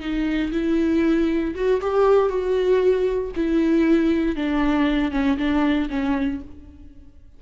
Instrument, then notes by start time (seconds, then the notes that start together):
viola
0.00 D#4
0.52 E4
1.55 F#4
1.81 G4
2.29 F#4
3.35 E4
4.35 D4
5.11 C#4
5.37 D4
5.90 C#4